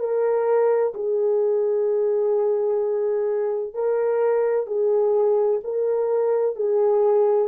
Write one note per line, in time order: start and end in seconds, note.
0.00 0.94 A#4
0.95 3.74 G#4
3.74 4.67 A#4
4.67 5.61 G#4
5.64 6.57 A#4
6.57 7.49 G#4